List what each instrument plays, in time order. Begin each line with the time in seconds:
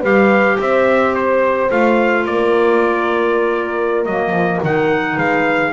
0.00 double bass G3, clarinet G4, horn B4, trumpet F5
0.59 double bass C4, horn C5, trumpet E5
1.15 trumpet C5
1.70 double bass A3, clarinet F4, trumpet F5
2.26 double bass A#3, horn A#4, trumpet D5
4.05 double bass F#3, clarinet A#3, trumpet D#5
4.30 double bass F3
4.63 double bass D#3, clarinet D#4, trumpet F#5
5.16 double bass G#3, horn B4, trumpet F5